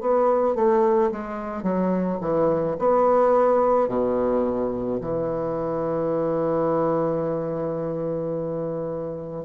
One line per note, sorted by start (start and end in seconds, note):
0.00 0.55 B3
0.55 1.11 A3
1.12 1.63 G#3
1.63 2.19 F#3
2.21 2.76 E3
2.79 3.88 B3
3.88 4.99 B2
5.01 9.44 E3